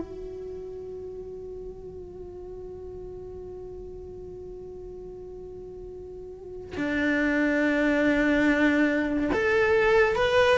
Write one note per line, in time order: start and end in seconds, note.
0.00 6.76 F#4
6.77 9.31 D4
9.33 10.16 A4
10.16 10.58 B4